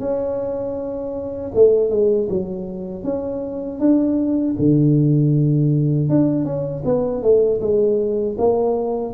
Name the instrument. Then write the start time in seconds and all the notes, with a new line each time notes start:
tuba
0.00 C#4
1.55 A3
1.91 G#3
2.30 F#3
3.04 C#4
3.80 D4
4.59 D3
6.10 D4
6.45 C#4
6.85 B3
7.23 A3
7.61 G#3
8.39 A#3